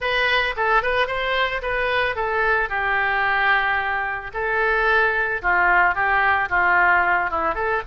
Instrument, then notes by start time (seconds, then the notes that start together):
oboe
0.00 B4
0.56 A4
0.82 B4
1.07 C5
1.62 B4
2.15 A4
2.69 G4
4.33 A4
5.42 F4
5.94 G4
6.49 F4
7.30 E4
7.55 A4